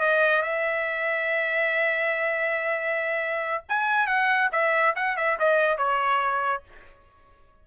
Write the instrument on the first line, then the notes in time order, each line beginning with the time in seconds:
trumpet
0.00 D#5
0.42 E5
3.69 G#5
4.07 F#5
4.52 E5
4.96 F#5
5.17 E5
5.39 D#5
5.77 C#5